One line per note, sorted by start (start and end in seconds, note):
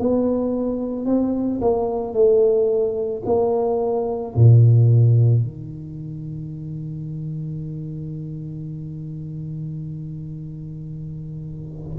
0.00 1.06 B3
1.06 1.60 C4
1.61 2.14 A#3
2.14 3.23 A3
3.26 4.35 A#3
4.36 5.42 A#2
5.42 11.97 D#3